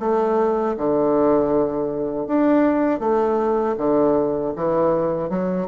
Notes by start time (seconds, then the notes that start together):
0.00 A3
0.77 D3
2.27 D4
3.00 A3
3.77 D3
4.56 E3
5.30 F#3